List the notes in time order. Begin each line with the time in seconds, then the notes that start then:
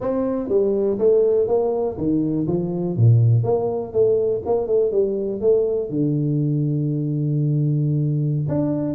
0.00 C4
0.49 G3
0.98 A3
1.47 A#3
1.97 D#3
2.47 F3
2.96 A#2
3.43 A#3
3.92 A3
4.45 A#3
4.67 A3
4.91 G3
5.40 A3
5.89 D3
8.48 D4